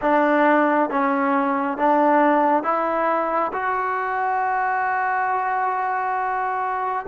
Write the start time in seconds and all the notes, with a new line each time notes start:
0.01 D4
0.89 C#4
1.77 D4
2.63 E4
3.53 F#4